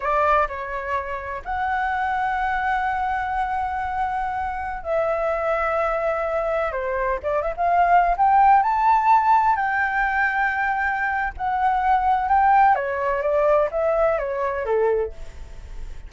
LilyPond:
\new Staff \with { instrumentName = "flute" } { \time 4/4 \tempo 4 = 127 d''4 cis''2 fis''4~ | fis''1~ | fis''2~ fis''16 e''4.~ e''16~ | e''2~ e''16 c''4 d''8 e''16 |
f''4~ f''16 g''4 a''4.~ a''16~ | a''16 g''2.~ g''8. | fis''2 g''4 cis''4 | d''4 e''4 cis''4 a'4 | }